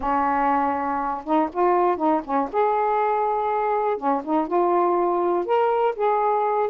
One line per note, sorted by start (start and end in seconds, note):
0.00 1.24 C#4
1.25 1.49 D#4
1.52 1.97 F4
1.97 2.21 D#4
2.24 2.49 C#4
2.52 3.97 G#4
3.97 4.21 C#4
4.24 4.47 D#4
4.47 5.45 F4
5.45 5.95 A#4
5.95 6.69 G#4